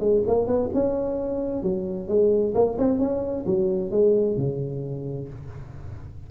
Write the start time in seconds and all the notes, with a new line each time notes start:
0.00 G#3
0.27 A#3
0.47 B3
0.74 C#4
1.63 F#3
2.08 G#3
2.55 A#3
2.78 C4
2.99 C#4
3.46 F#3
3.91 G#3
4.37 C#3